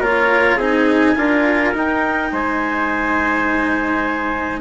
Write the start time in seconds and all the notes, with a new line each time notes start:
0.00 A#3 F4 A#4 C#5
0.57 C4 D#4 G#4 G#5
1.16 D4 F4 A#4
1.74 D#4 G5
2.32 G#3 C5 G#5